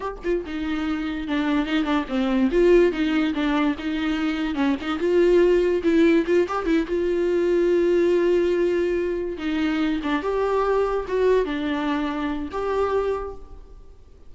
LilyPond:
\new Staff \with { instrumentName = "viola" } { \time 4/4 \tempo 4 = 144 g'8 f'8 dis'2 d'4 | dis'8 d'8 c'4 f'4 dis'4 | d'4 dis'2 cis'8 dis'8 | f'2 e'4 f'8 g'8 |
e'8 f'2.~ f'8~ | f'2~ f'8 dis'4. | d'8 g'2 fis'4 d'8~ | d'2 g'2 | }